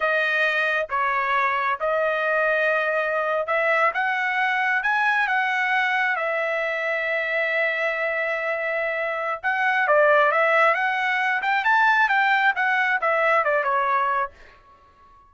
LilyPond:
\new Staff \with { instrumentName = "trumpet" } { \time 4/4 \tempo 4 = 134 dis''2 cis''2 | dis''2.~ dis''8. e''16~ | e''8. fis''2 gis''4 fis''16~ | fis''4.~ fis''16 e''2~ e''16~ |
e''1~ | e''4 fis''4 d''4 e''4 | fis''4. g''8 a''4 g''4 | fis''4 e''4 d''8 cis''4. | }